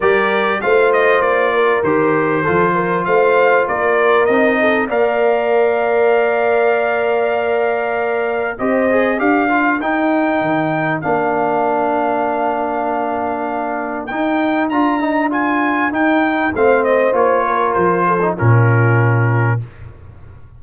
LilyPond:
<<
  \new Staff \with { instrumentName = "trumpet" } { \time 4/4 \tempo 4 = 98 d''4 f''8 dis''8 d''4 c''4~ | c''4 f''4 d''4 dis''4 | f''1~ | f''2 dis''4 f''4 |
g''2 f''2~ | f''2. g''4 | ais''4 gis''4 g''4 f''8 dis''8 | cis''4 c''4 ais'2 | }
  \new Staff \with { instrumentName = "horn" } { \time 4/4 ais'4 c''4. ais'4. | a'8 ais'8 c''4 ais'4. a'8 | d''1~ | d''2 c''4 ais'4~ |
ais'1~ | ais'1~ | ais'2. c''4~ | c''8 ais'4 a'8 f'2 | }
  \new Staff \with { instrumentName = "trombone" } { \time 4/4 g'4 f'2 g'4 | f'2. dis'4 | ais'1~ | ais'2 g'8 gis'8 g'8 f'8 |
dis'2 d'2~ | d'2. dis'4 | f'8 dis'8 f'4 dis'4 c'4 | f'4.~ f'16 dis'16 cis'2 | }
  \new Staff \with { instrumentName = "tuba" } { \time 4/4 g4 a4 ais4 dis4 | f4 a4 ais4 c'4 | ais1~ | ais2 c'4 d'4 |
dis'4 dis4 ais2~ | ais2. dis'4 | d'2 dis'4 a4 | ais4 f4 ais,2 | }
>>